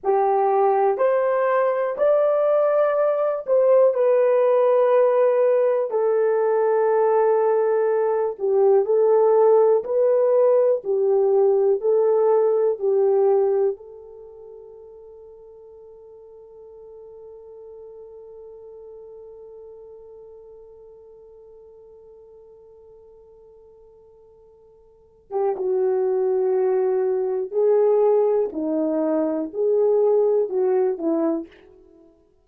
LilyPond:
\new Staff \with { instrumentName = "horn" } { \time 4/4 \tempo 4 = 61 g'4 c''4 d''4. c''8 | b'2 a'2~ | a'8 g'8 a'4 b'4 g'4 | a'4 g'4 a'2~ |
a'1~ | a'1~ | a'4.~ a'16 g'16 fis'2 | gis'4 dis'4 gis'4 fis'8 e'8 | }